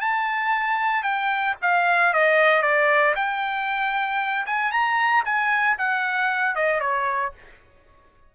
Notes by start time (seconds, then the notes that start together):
0.00 A5
1.03 G5
1.62 F5
2.13 D#5
2.62 D5
3.15 G5
4.46 G#5
4.71 A#5
5.25 G#5
5.78 F#5
6.55 D#5
6.80 C#5